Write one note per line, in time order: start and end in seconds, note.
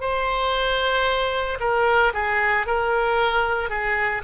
0.00 1.58 C5
1.60 2.12 A#4
2.13 2.66 G#4
2.66 3.69 A#4
3.69 4.22 G#4